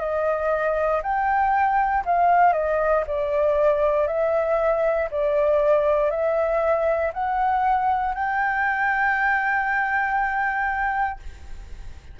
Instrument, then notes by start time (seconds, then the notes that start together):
flute
0.00 D#5
1.02 G5
2.05 F5
2.53 D#5
3.07 D5
4.07 E5
5.11 D5
6.10 E5
7.13 F#5
8.14 G5